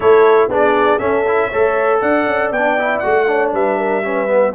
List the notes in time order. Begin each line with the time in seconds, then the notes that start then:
0.00 A3 E4 A4 C#5
0.48 B3 D4 G#4 D5
0.99 C#4 A4 E5
1.27 E4
1.48 A3 A4 C#5
2.00 D4 D5 F#5
2.26 C#4
2.51 B3 D4 G5
2.78 E4
2.98 A3 F#4 F#5
3.27 D4 C#5
3.52 G3 B4 E5
3.78 A#4
4.03 C#4 B4
4.27 B3